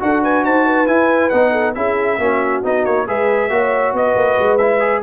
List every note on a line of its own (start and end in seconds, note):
0.00 0.45 D4
0.00 0.87 F#4
0.00 0.23 A4
0.00 0.24 F#5
0.23 0.44 B4
0.23 0.45 G#5
0.44 0.88 D#4
0.44 0.66 C5
0.44 0.87 A5
0.66 1.52 B4
0.87 1.31 E4
0.87 1.32 E4
0.87 1.30 G#5
1.30 1.77 B3
1.30 1.75 D#4
1.30 1.74 F#5
1.52 1.74 A4
1.75 2.19 C#4
1.75 2.19 E4
1.75 2.20 G#4
1.75 2.62 E5
2.19 2.62 A#3
2.19 2.63 C#4
2.19 3.07 F#4
2.63 2.86 B3
2.63 3.07 D#4
2.63 2.85 D#5
2.85 3.08 A#3
2.85 3.07 C#5
3.07 3.50 G#3
3.07 3.50 G#4
3.07 3.51 B4
3.07 3.96 E5
3.50 3.93 A#3
3.50 4.60 F#4
3.50 3.95 C#5
3.93 4.15 B3
3.93 5.03 B4
3.93 4.58 D#5
4.16 4.38 A#3
4.39 5.03 G#3
4.58 4.80 E4
4.58 5.02 E5
4.80 5.02 G#4